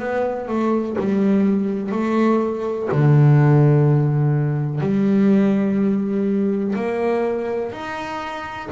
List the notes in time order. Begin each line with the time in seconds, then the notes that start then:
0.00 B3
0.48 A3
0.99 G3
1.92 A3
2.92 D3
4.81 G3
6.76 A#3
7.73 D#4